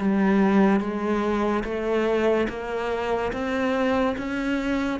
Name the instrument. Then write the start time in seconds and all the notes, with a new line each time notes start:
cello
0.00 G3
0.80 G#3
1.64 A3
2.49 A#3
3.33 C4
4.18 C#4